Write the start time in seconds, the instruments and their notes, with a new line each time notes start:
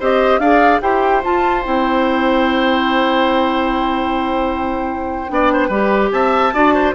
0.00 bassoon C4, clarinet G4, oboe C5, flute D#5
0.39 bassoon D4, clarinet G#4, oboe D5, flute F5
0.82 bassoon E4, clarinet G4, oboe C5, flute G5
1.23 clarinet F4, bassoon F4, flute A5
1.62 bassoon C4, clarinet E4, flute G5
5.29 bassoon B3, clarinet D4, oboe D5
5.53 oboe C5
5.68 bassoon G3, clarinet G4, oboe B4
6.11 bassoon C4, oboe E5, flute A5
6.53 bassoon D4, clarinet F#4, oboe D5
6.75 oboe C5